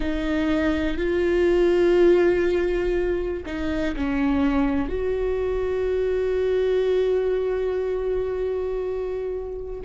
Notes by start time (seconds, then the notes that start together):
0.00 D#4
0.97 F4
3.46 D#4
3.96 C#4
4.88 F#4